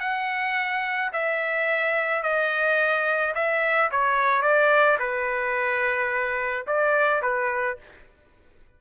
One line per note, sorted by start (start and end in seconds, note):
0.00 1.11 F#5
1.13 2.23 E5
2.23 3.34 D#5
3.35 3.90 E5
3.91 4.42 C#5
4.42 4.98 D5
4.99 6.66 B4
6.67 7.22 D5
7.22 7.78 B4